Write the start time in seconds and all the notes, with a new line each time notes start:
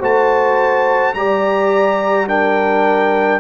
0.00 A3 F#4 C5 A5
1.14 G3 G4 D5 A#5
2.28 D4 A#4 G5